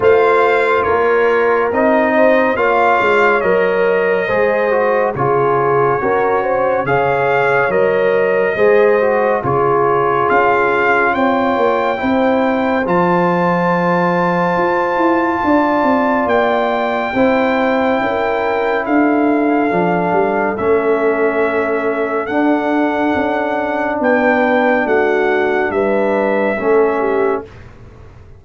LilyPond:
<<
  \new Staff \with { instrumentName = "trumpet" } { \time 4/4 \tempo 4 = 70 f''4 cis''4 dis''4 f''4 | dis''2 cis''2 | f''4 dis''2 cis''4 | f''4 g''2 a''4~ |
a''2. g''4~ | g''2 f''2 | e''2 fis''2 | g''4 fis''4 e''2 | }
  \new Staff \with { instrumentName = "horn" } { \time 4/4 c''4 ais'4. c''8 cis''4~ | cis''4 c''4 gis'4 ais'8 c''8 | cis''2 c''4 gis'4~ | gis'4 cis''4 c''2~ |
c''2 d''2 | c''4 ais'4 a'2~ | a'1 | b'4 fis'4 b'4 a'8 g'8 | }
  \new Staff \with { instrumentName = "trombone" } { \time 4/4 f'2 dis'4 f'4 | ais'4 gis'8 fis'8 f'4 fis'4 | gis'4 ais'4 gis'8 fis'8 f'4~ | f'2 e'4 f'4~ |
f'1 | e'2. d'4 | cis'2 d'2~ | d'2. cis'4 | }
  \new Staff \with { instrumentName = "tuba" } { \time 4/4 a4 ais4 c'4 ais8 gis8 | fis4 gis4 cis4 cis'4 | cis4 fis4 gis4 cis4 | cis'4 c'8 ais8 c'4 f4~ |
f4 f'8 e'8 d'8 c'8 ais4 | c'4 cis'4 d'4 f8 g8 | a2 d'4 cis'4 | b4 a4 g4 a4 | }
>>